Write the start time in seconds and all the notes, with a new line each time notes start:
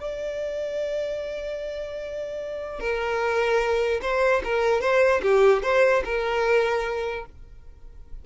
0.00 D5
2.80 A#4
4.02 C5
4.44 A#4
4.81 C5
5.22 G4
5.63 C5
6.04 A#4